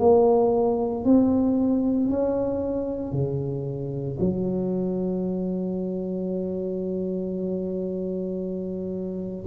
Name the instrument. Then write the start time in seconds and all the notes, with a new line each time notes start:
tuba
0.00 A#3
1.05 C4
2.10 C#4
3.12 C#3
4.20 F#3